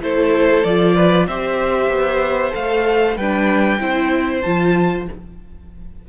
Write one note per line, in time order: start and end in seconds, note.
0.00 0.63 A3
0.00 0.64 E4
0.00 0.95 A4
0.00 0.63 C5
0.63 1.27 F3
0.63 1.29 F4
0.63 1.26 D5
0.95 1.26 B4
1.27 1.89 C4
1.27 2.51 G4
1.27 3.16 C5
1.27 2.54 E5
1.89 2.52 B3
2.51 3.16 A3
2.51 3.14 A4
2.51 3.16 F5
3.16 3.79 G3
3.16 3.79 D4
3.16 3.79 B4
3.16 4.41 G5
3.79 4.43 C4
3.79 4.42 E4
3.79 5.08 C5
4.41 5.08 F3
4.41 5.08 F4
4.41 5.04 A5